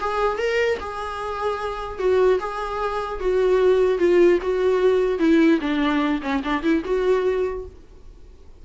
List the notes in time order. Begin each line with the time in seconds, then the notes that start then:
0.00 G#4
0.38 A#4
0.79 G#4
1.99 F#4
2.39 G#4
3.20 F#4
3.98 F4
4.42 F#4
5.19 E4
5.61 D4
6.22 C#4
6.44 D4
6.63 E4
6.85 F#4